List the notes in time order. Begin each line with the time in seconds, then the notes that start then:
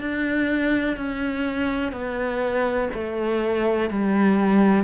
0.00 D4
0.96 C#4
1.92 B3
2.93 A3
3.90 G3